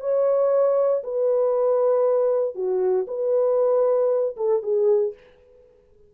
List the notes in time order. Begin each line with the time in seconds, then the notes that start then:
0.00 C#5
1.03 B4
2.55 F#4
3.07 B4
4.37 A4
4.62 G#4